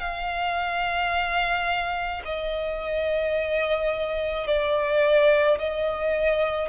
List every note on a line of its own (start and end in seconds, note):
0.00 2.22 F5
2.25 4.47 D#5
4.47 5.59 D5
5.59 6.69 D#5